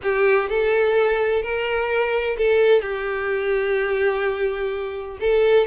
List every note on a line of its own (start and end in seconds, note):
0.02 0.49 G4
0.49 1.42 A4
1.42 2.36 A#4
2.37 2.81 A4
2.81 5.18 G4
5.20 5.66 A4